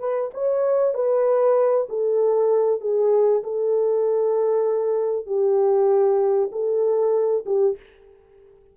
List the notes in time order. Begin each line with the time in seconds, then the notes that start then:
0.00 B4
0.34 C#5
0.95 B4
1.90 A4
2.81 G#4
3.44 A4
5.26 G4
6.52 A4
7.46 G4